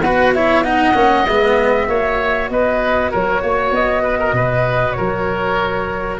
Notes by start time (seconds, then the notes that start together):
0.00 B3 F#4 B4 F#5
0.34 E4 C#5 E5
0.64 D#4 D#5 F#5
0.95 A#3 C#4
1.26 G#3 B3 E5
1.88 A#3 F#4 C#5
2.50 B3 B4 D#5
3.11 F#3 A#4 C#5
3.42 A#3 C#5
3.72 B3 D#5
4.03 B4
4.20 A#4
4.33 B2 B4
4.93 A#4 C#5
4.99 F#3